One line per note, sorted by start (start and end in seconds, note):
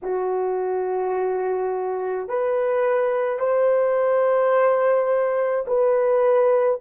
0.02 2.28 F#4
2.28 3.39 B4
3.39 5.65 C5
5.67 6.80 B4